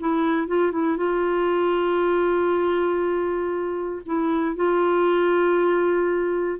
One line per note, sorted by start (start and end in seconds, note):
0.00 0.48 E4
0.48 0.72 F4
0.72 0.97 E4
0.97 4.02 F4
4.06 4.56 E4
4.56 6.59 F4